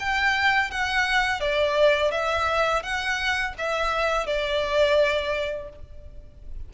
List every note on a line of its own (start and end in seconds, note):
0.00 0.71 G5
0.71 1.41 F#5
1.41 2.11 D5
2.11 2.83 E5
2.83 3.55 F#5
3.58 4.27 E5
4.27 5.70 D5